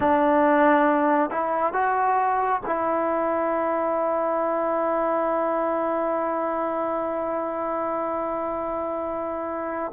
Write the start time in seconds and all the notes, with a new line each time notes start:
0.00 D4
1.30 E4
1.73 F#4
2.66 E4